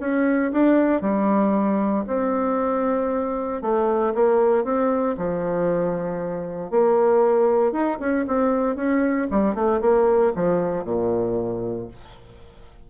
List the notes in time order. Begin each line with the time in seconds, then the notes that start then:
0.00 C#4
0.52 D4
1.01 G3
2.07 C4
3.62 A3
4.14 A#3
4.64 C4
5.17 F3
6.70 A#3
7.72 D#4
8.00 C#4
8.27 C4
8.76 C#4
9.30 G3
9.55 A3
9.81 A#3
10.35 F3
10.84 A#2